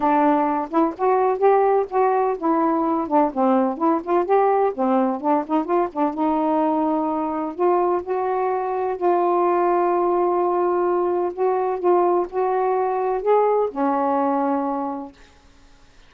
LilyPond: \new Staff \with { instrumentName = "saxophone" } { \time 4/4 \tempo 4 = 127 d'4. e'8 fis'4 g'4 | fis'4 e'4. d'8 c'4 | e'8 f'8 g'4 c'4 d'8 dis'8 | f'8 d'8 dis'2. |
f'4 fis'2 f'4~ | f'1 | fis'4 f'4 fis'2 | gis'4 cis'2. | }